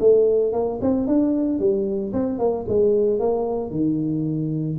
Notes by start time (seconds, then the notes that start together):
0.00 A3
0.53 A#3
0.82 C4
1.08 D4
1.60 G3
2.13 C4
2.39 A#3
2.69 G#3
3.20 A#3
3.71 D#3